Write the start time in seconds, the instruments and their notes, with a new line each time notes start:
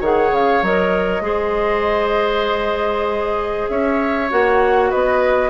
0.00 bassoon D#3, clarinet G#4, oboe C#5, flute F#5
0.32 bassoon C#3, flute F5
0.62 bassoon F#3, clarinet A#4, flute D#5
1.21 bassoon G#3, clarinet G#4, oboe C5
3.68 bassoon C#4, oboe C#5, flute E5
4.30 bassoon A#3, clarinet F#4, flute F#5
4.90 bassoon B3, oboe B4, flute D#5